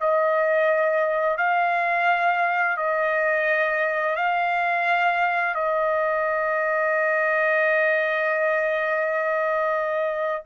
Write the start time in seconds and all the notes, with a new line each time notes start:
0.00 D#5
1.37 F5
2.77 D#5
4.16 F5
5.55 D#5